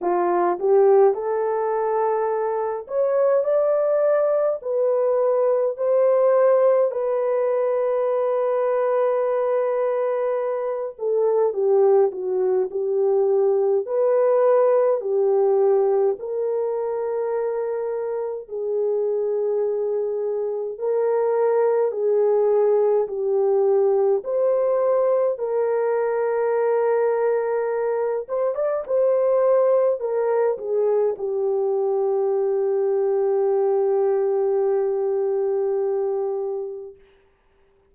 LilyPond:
\new Staff \with { instrumentName = "horn" } { \time 4/4 \tempo 4 = 52 f'8 g'8 a'4. cis''8 d''4 | b'4 c''4 b'2~ | b'4. a'8 g'8 fis'8 g'4 | b'4 g'4 ais'2 |
gis'2 ais'4 gis'4 | g'4 c''4 ais'2~ | ais'8 c''16 d''16 c''4 ais'8 gis'8 g'4~ | g'1 | }